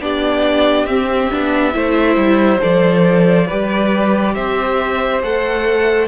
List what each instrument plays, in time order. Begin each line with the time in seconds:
0.00 cello B3, viola D4, violin G4 D5
0.85 cello C4, viola C4, violin E5
1.31 cello B3, viola D4
1.73 cello A3, viola E4, violin C5
2.16 cello G3
2.60 cello F3, viola A4, violin D5
3.47 cello G3, viola G4, violin B4
4.35 cello C4, violin C5 E5
5.23 cello A3, viola A4, violin F#5